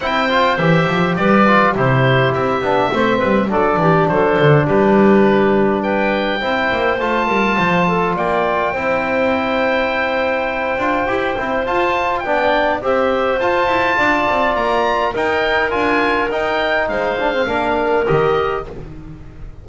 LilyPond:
<<
  \new Staff \with { instrumentName = "oboe" } { \time 4/4 \tempo 4 = 103 g''4 e''4 d''4 c''4 | e''2 d''4 c''4 | b'2 g''2 | a''2 g''2~ |
g''1 | a''4 g''4 e''4 a''4~ | a''4 ais''4 g''4 gis''4 | g''4 f''2 dis''4 | }
  \new Staff \with { instrumentName = "clarinet" } { \time 4/4 c''2 b'4 g'4~ | g'4 c''8 b'8 a'8 g'8 a'4 | g'2 b'4 c''4~ | c''8 ais'8 c''8 a'8 d''4 c''4~ |
c''1~ | c''4 d''4 c''2 | d''2 ais'2~ | ais'4 c''4 ais'2 | }
  \new Staff \with { instrumentName = "trombone" } { \time 4/4 e'8 f'8 g'4. f'8 e'4~ | e'8 d'8 c'4 d'2~ | d'2. e'4 | f'2. e'4~ |
e'2~ e'8 f'8 g'8 e'8 | f'4 d'4 g'4 f'4~ | f'2 dis'4 f'4 | dis'4. d'16 c'16 d'4 g'4 | }
  \new Staff \with { instrumentName = "double bass" } { \time 4/4 c'4 e8 f8 g4 c4 | c'8 b8 a8 g8 fis8 e8 fis8 d8 | g2. c'8 ais8 | a8 g8 f4 ais4 c'4~ |
c'2~ c'8 d'8 e'8 c'8 | f'4 b4 c'4 f'8 e'8 | d'8 c'8 ais4 dis'4 d'4 | dis'4 gis4 ais4 dis4 | }
>>